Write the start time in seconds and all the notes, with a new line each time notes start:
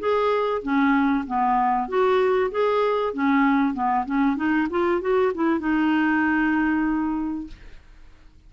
0.00 G#4
0.63 C#4
1.28 B3
1.89 F#4
2.52 G#4
3.14 C#4
3.74 B3
4.06 C#4
4.37 D#4
4.70 F4
5.01 F#4
5.35 E4
5.60 D#4